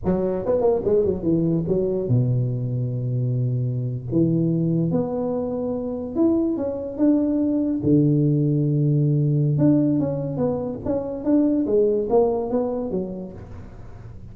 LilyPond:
\new Staff \with { instrumentName = "tuba" } { \time 4/4 \tempo 4 = 144 fis4 b8 ais8 gis8 fis8 e4 | fis4 b,2.~ | b,4.~ b,16 e2 b16~ | b2~ b8. e'4 cis'16~ |
cis'8. d'2 d4~ d16~ | d2. d'4 | cis'4 b4 cis'4 d'4 | gis4 ais4 b4 fis4 | }